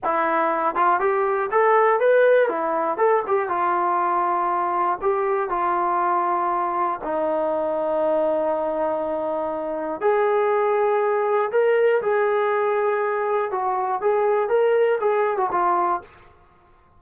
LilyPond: \new Staff \with { instrumentName = "trombone" } { \time 4/4 \tempo 4 = 120 e'4. f'8 g'4 a'4 | b'4 e'4 a'8 g'8 f'4~ | f'2 g'4 f'4~ | f'2 dis'2~ |
dis'1 | gis'2. ais'4 | gis'2. fis'4 | gis'4 ais'4 gis'8. fis'16 f'4 | }